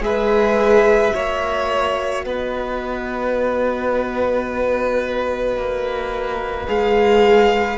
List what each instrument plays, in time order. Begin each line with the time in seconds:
0.00 cello G#3, viola G#4, violin B4 E5
1.11 cello A#3, viola F#4, violin C#5
2.25 cello B3, violin B4 D#5
5.57 cello A#3
6.67 cello G#3, viola G#4, violin F5